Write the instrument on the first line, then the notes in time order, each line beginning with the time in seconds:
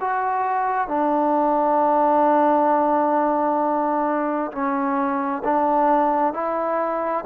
trombone
0.00 F#4
0.88 D4
4.51 C#4
5.44 D4
6.33 E4